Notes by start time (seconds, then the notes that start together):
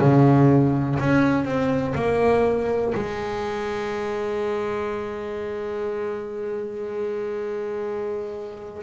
0.00 C#3
1.00 C#4
1.45 C4
1.95 A#3
2.95 G#3